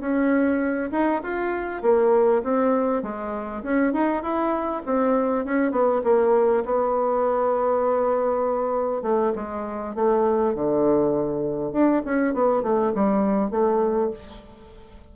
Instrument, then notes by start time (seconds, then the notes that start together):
bassoon
0.00 C#4
0.91 D#4
1.23 F4
1.82 A#3
2.43 C4
3.02 G#3
3.63 C#4
3.93 D#4
4.22 E4
4.86 C4
5.45 C#4
5.71 B3
6.04 A#3
6.65 B3
9.02 A3
9.35 G#3
9.95 A3
10.54 D3
11.72 D4
12.05 C#4
12.34 B3
12.62 A3
12.95 G3
13.50 A3